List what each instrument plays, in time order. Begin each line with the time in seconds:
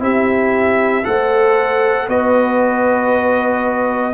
0.00 tuba C4, trombone E4, horn G4, trumpet E5
1.05 tuba A3, trombone A4, horn C5, trumpet F#5
2.08 tuba B3, trombone F#4, horn B4, trumpet D#5